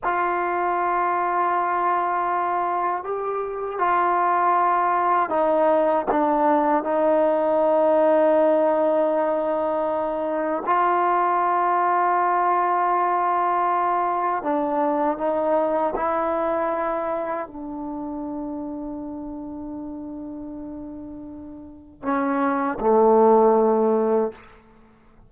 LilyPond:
\new Staff \with { instrumentName = "trombone" } { \time 4/4 \tempo 4 = 79 f'1 | g'4 f'2 dis'4 | d'4 dis'2.~ | dis'2 f'2~ |
f'2. d'4 | dis'4 e'2 d'4~ | d'1~ | d'4 cis'4 a2 | }